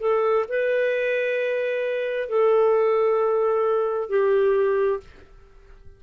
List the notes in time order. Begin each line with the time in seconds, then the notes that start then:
0.00 A4
0.49 B4
2.29 A4
4.10 G4